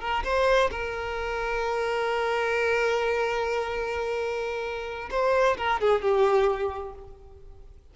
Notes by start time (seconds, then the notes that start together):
0.00 A#4
0.24 C5
0.71 A#4
5.11 C5
5.57 A#4
5.80 G#4
6.02 G4